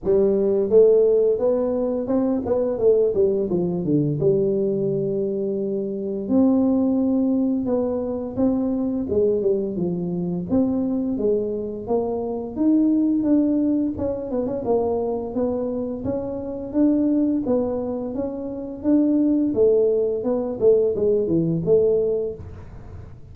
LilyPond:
\new Staff \with { instrumentName = "tuba" } { \time 4/4 \tempo 4 = 86 g4 a4 b4 c'8 b8 | a8 g8 f8 d8 g2~ | g4 c'2 b4 | c'4 gis8 g8 f4 c'4 |
gis4 ais4 dis'4 d'4 | cis'8 b16 cis'16 ais4 b4 cis'4 | d'4 b4 cis'4 d'4 | a4 b8 a8 gis8 e8 a4 | }